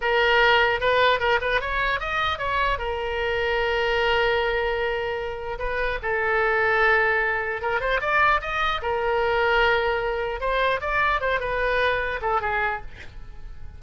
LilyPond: \new Staff \with { instrumentName = "oboe" } { \time 4/4 \tempo 4 = 150 ais'2 b'4 ais'8 b'8 | cis''4 dis''4 cis''4 ais'4~ | ais'1~ | ais'2 b'4 a'4~ |
a'2. ais'8 c''8 | d''4 dis''4 ais'2~ | ais'2 c''4 d''4 | c''8 b'2 a'8 gis'4 | }